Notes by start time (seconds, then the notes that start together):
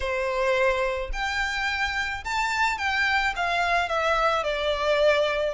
0.00 C5
1.12 G5
2.24 A5
2.78 G5
3.36 F5
3.88 E5
4.43 D5